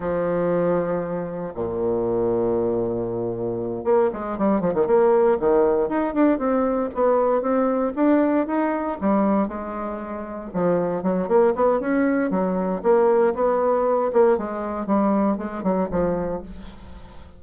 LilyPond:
\new Staff \with { instrumentName = "bassoon" } { \time 4/4 \tempo 4 = 117 f2. ais,4~ | ais,2.~ ais,8 ais8 | gis8 g8 f16 dis16 ais4 dis4 dis'8 | d'8 c'4 b4 c'4 d'8~ |
d'8 dis'4 g4 gis4.~ | gis8 f4 fis8 ais8 b8 cis'4 | fis4 ais4 b4. ais8 | gis4 g4 gis8 fis8 f4 | }